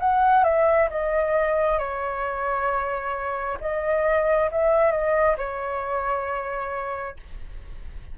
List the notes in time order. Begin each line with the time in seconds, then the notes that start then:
0.00 F#5
0.44 E5
0.90 D#5
1.79 C#5
3.61 D#5
4.52 E5
4.92 D#5
5.38 C#5